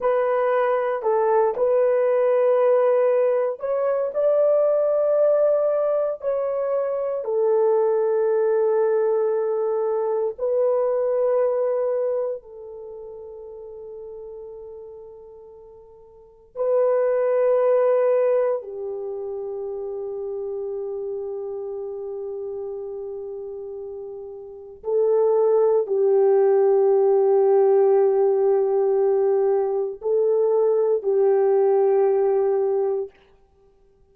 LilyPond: \new Staff \with { instrumentName = "horn" } { \time 4/4 \tempo 4 = 58 b'4 a'8 b'2 cis''8 | d''2 cis''4 a'4~ | a'2 b'2 | a'1 |
b'2 g'2~ | g'1 | a'4 g'2.~ | g'4 a'4 g'2 | }